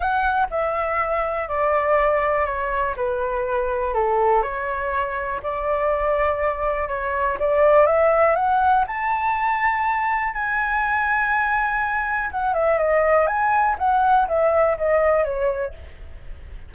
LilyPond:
\new Staff \with { instrumentName = "flute" } { \time 4/4 \tempo 4 = 122 fis''4 e''2 d''4~ | d''4 cis''4 b'2 | a'4 cis''2 d''4~ | d''2 cis''4 d''4 |
e''4 fis''4 a''2~ | a''4 gis''2.~ | gis''4 fis''8 e''8 dis''4 gis''4 | fis''4 e''4 dis''4 cis''4 | }